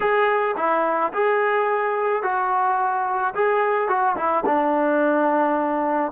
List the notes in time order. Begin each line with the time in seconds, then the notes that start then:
0.00 G#4
0.57 E4
1.13 G#4
2.22 F#4
3.34 G#4
3.88 F#4
4.16 E4
4.45 D4